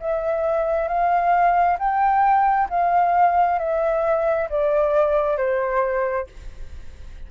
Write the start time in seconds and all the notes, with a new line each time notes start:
0.00 E5
0.88 F5
1.79 G5
2.69 F5
3.59 E5
4.49 D5
5.37 C5